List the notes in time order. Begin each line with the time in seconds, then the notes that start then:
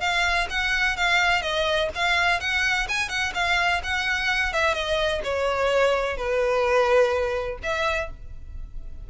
0.00 F5
0.50 F#5
0.97 F5
1.42 D#5
1.95 F5
2.40 F#5
2.89 G#5
3.09 F#5
3.34 F5
3.83 F#5
4.53 E5
4.74 D#5
5.24 C#5
6.17 B4
7.63 E5